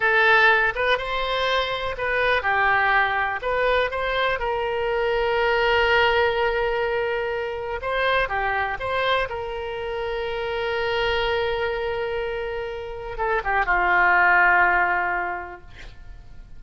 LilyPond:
\new Staff \with { instrumentName = "oboe" } { \time 4/4 \tempo 4 = 123 a'4. b'8 c''2 | b'4 g'2 b'4 | c''4 ais'2.~ | ais'1 |
c''4 g'4 c''4 ais'4~ | ais'1~ | ais'2. a'8 g'8 | f'1 | }